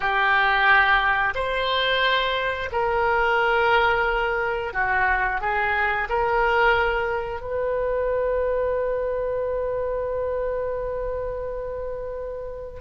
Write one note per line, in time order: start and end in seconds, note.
0.00 1.34 G4
1.34 2.69 C5
2.72 4.73 A#4
4.73 5.40 F#4
5.40 6.08 G#4
6.09 7.41 A#4
7.41 12.80 B4